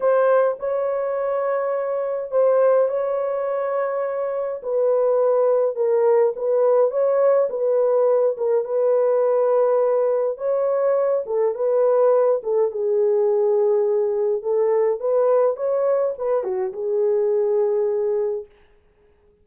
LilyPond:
\new Staff \with { instrumentName = "horn" } { \time 4/4 \tempo 4 = 104 c''4 cis''2. | c''4 cis''2. | b'2 ais'4 b'4 | cis''4 b'4. ais'8 b'4~ |
b'2 cis''4. a'8 | b'4. a'8 gis'2~ | gis'4 a'4 b'4 cis''4 | b'8 fis'8 gis'2. | }